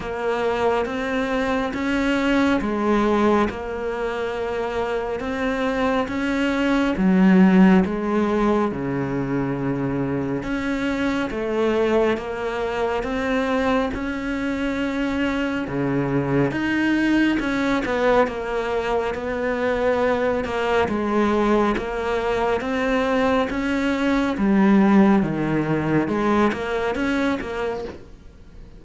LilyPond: \new Staff \with { instrumentName = "cello" } { \time 4/4 \tempo 4 = 69 ais4 c'4 cis'4 gis4 | ais2 c'4 cis'4 | fis4 gis4 cis2 | cis'4 a4 ais4 c'4 |
cis'2 cis4 dis'4 | cis'8 b8 ais4 b4. ais8 | gis4 ais4 c'4 cis'4 | g4 dis4 gis8 ais8 cis'8 ais8 | }